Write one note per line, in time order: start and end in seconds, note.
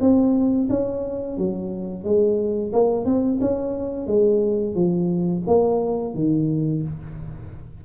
0.00 0.68 C4
0.69 1.37 C#4
1.37 2.04 F#3
2.04 2.72 G#3
2.72 3.05 A#3
3.05 3.39 C4
3.41 4.07 C#4
4.07 4.74 G#3
4.74 5.42 F3
5.46 6.14 A#3
6.14 6.82 D#3